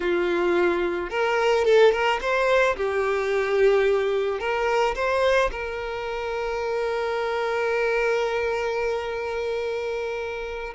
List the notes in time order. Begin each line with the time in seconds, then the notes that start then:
0.00 F4
1.09 A#4
1.65 A4
1.92 A#4
2.21 C5
2.76 G4
4.39 A#4
4.95 C5
5.51 A#4